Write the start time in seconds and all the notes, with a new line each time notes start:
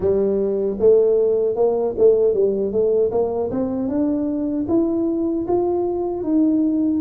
0.00 G3
0.79 A3
1.55 A#3
1.98 A3
2.34 G3
2.72 A3
3.11 A#3
3.50 C4
3.88 D4
4.68 E4
5.47 F4
6.23 D#4